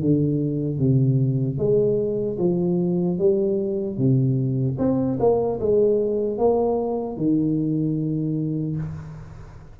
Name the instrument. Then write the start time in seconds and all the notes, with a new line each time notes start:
tuba
0.00 D3
0.78 C3
1.58 G#3
2.38 F3
3.18 G3
3.97 C3
4.78 C4
5.20 A#3
5.60 G#3
6.38 A#3
7.16 D#3